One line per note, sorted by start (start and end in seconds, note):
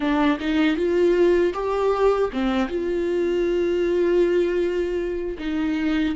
0.00 0.38 D4
0.40 0.76 D#4
0.76 1.53 F4
1.53 2.30 G4
2.33 2.68 C4
2.68 5.37 F4
5.38 6.15 D#4